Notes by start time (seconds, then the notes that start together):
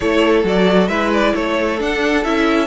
0.00 A3 E4 A4 C#5
0.44 F#3 F#4 D5
0.87 G#3 E4 B4 E5
1.13 D5
1.33 A3 A4 C#5
1.78 D4 F#5
2.23 C#4 E4 E5